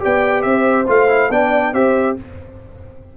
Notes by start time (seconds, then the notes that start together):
0.00 B3 G4 D5 G5
0.42 C4 C5 E5
0.87 A3 F4 F5
1.09 E4
1.30 B3 D4 D5 G5
1.73 C4 G4 C5 E5